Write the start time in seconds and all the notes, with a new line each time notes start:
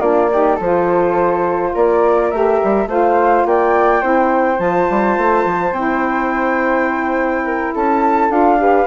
0.00 A#3 D4 F4 D5
0.32 D#4 G4
0.55 F3 F4 A4
0.62 C5
1.74 A#3 A#4 D5
2.30 A3 G4 E5
2.63 G3
2.86 A3 F4 C5 F5
3.45 A#3 D5 G5
4.01 C4 E4 C5
4.56 F3 F4 A5
4.90 G3
5.17 A3
5.45 F3
5.72 C4 E4 G5
7.45 A#4
7.74 C#4 A4 A5
8.29 D4 F4 F5
8.58 G4 B4